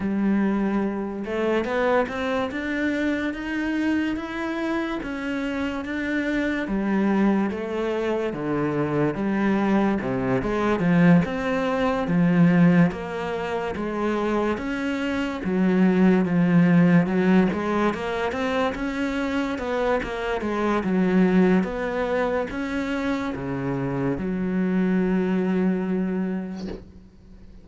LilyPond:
\new Staff \with { instrumentName = "cello" } { \time 4/4 \tempo 4 = 72 g4. a8 b8 c'8 d'4 | dis'4 e'4 cis'4 d'4 | g4 a4 d4 g4 | c8 gis8 f8 c'4 f4 ais8~ |
ais8 gis4 cis'4 fis4 f8~ | f8 fis8 gis8 ais8 c'8 cis'4 b8 | ais8 gis8 fis4 b4 cis'4 | cis4 fis2. | }